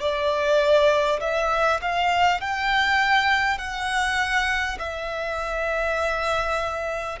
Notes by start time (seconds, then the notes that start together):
0.00 D5
1.20 E5
1.81 F5
2.41 G5
3.57 F#5
4.78 E5